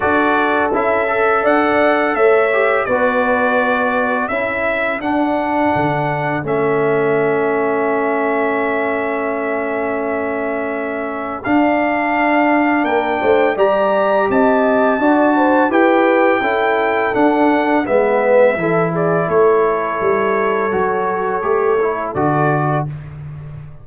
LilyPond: <<
  \new Staff \with { instrumentName = "trumpet" } { \time 4/4 \tempo 4 = 84 d''4 e''4 fis''4 e''4 | d''2 e''4 fis''4~ | fis''4 e''2.~ | e''1 |
f''2 g''4 ais''4 | a''2 g''2 | fis''4 e''4. d''8 cis''4~ | cis''2. d''4 | }
  \new Staff \with { instrumentName = "horn" } { \time 4/4 a'2 d''4 cis''4 | b'2 a'2~ | a'1~ | a'1~ |
a'2 ais'8 c''8 d''4 | dis''4 d''8 c''8 b'4 a'4~ | a'4 b'4 a'8 gis'8 a'4~ | a'1 | }
  \new Staff \with { instrumentName = "trombone" } { \time 4/4 fis'4 e'8 a'2 g'8 | fis'2 e'4 d'4~ | d'4 cis'2.~ | cis'1 |
d'2. g'4~ | g'4 fis'4 g'4 e'4 | d'4 b4 e'2~ | e'4 fis'4 g'8 e'8 fis'4 | }
  \new Staff \with { instrumentName = "tuba" } { \time 4/4 d'4 cis'4 d'4 a4 | b2 cis'4 d'4 | d4 a2.~ | a1 |
d'2 ais8 a8 g4 | c'4 d'4 e'4 cis'4 | d'4 gis4 e4 a4 | g4 fis4 a4 d4 | }
>>